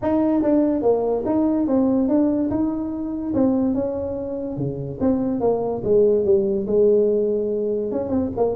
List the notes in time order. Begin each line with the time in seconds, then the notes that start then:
0.02 D#4
0.42 D4
0.81 A#3
1.25 D#4
1.67 C4
2.08 D4
2.50 D#4
3.33 C4
3.74 C#4
4.57 C#3
5.00 C4
5.40 A#3
5.84 G#3
6.24 G3
6.66 G#3
7.91 C#4
8.09 C4
8.36 A#3